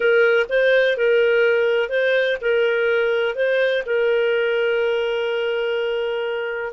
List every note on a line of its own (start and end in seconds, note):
0.00 0.46 A#4
0.49 0.97 C5
0.97 1.89 A#4
1.89 2.37 C5
2.41 3.35 A#4
3.35 3.83 C5
3.86 6.73 A#4